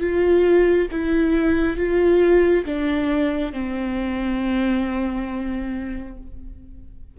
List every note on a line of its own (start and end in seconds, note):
0.00 0.88 F4
0.91 1.77 E4
1.77 2.65 F4
2.66 3.53 D4
3.53 6.17 C4